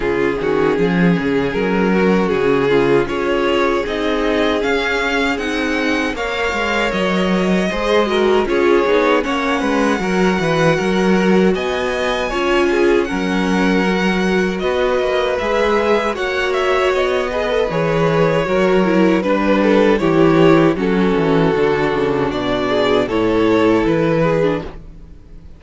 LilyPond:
<<
  \new Staff \with { instrumentName = "violin" } { \time 4/4 \tempo 4 = 78 gis'2 ais'4 gis'4 | cis''4 dis''4 f''4 fis''4 | f''4 dis''2 cis''4 | fis''2. gis''4~ |
gis''4 fis''2 dis''4 | e''4 fis''8 e''8 dis''4 cis''4~ | cis''4 b'4 cis''4 a'4~ | a'4 d''4 cis''4 b'4 | }
  \new Staff \with { instrumentName = "violin" } { \time 4/4 f'8 fis'8 gis'4. fis'4 f'8 | gis'1 | cis''2 c''8 ais'8 gis'4 | cis''8 b'8 ais'8 b'8 ais'4 dis''4 |
cis''8 gis'8 ais'2 b'4~ | b'4 cis''4. b'4. | ais'4 b'8 a'8 g'4 fis'4~ | fis'4. gis'8 a'4. gis'8 | }
  \new Staff \with { instrumentName = "viola" } { \time 4/4 cis'1 | f'4 dis'4 cis'4 dis'4 | ais'2 gis'8 fis'8 f'8 dis'8 | cis'4 fis'2. |
f'4 cis'4 fis'2 | gis'4 fis'4. gis'16 a'16 gis'4 | fis'8 e'8 d'4 e'4 cis'4 | d'2 e'4.~ e'16 d'16 | }
  \new Staff \with { instrumentName = "cello" } { \time 4/4 cis8 dis8 f8 cis8 fis4 cis4 | cis'4 c'4 cis'4 c'4 | ais8 gis8 fis4 gis4 cis'8 b8 | ais8 gis8 fis8 e8 fis4 b4 |
cis'4 fis2 b8 ais8 | gis4 ais4 b4 e4 | fis4 g4 e4 fis8 e8 | d8 cis8 b,4 a,4 e4 | }
>>